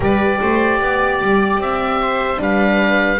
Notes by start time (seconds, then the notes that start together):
0.00 G3 G4 B4 D5
0.41 A3 C5
0.81 B3 D5
1.21 G3
1.58 C4 E5
2.02 C5
2.37 G3 D4 B4 F5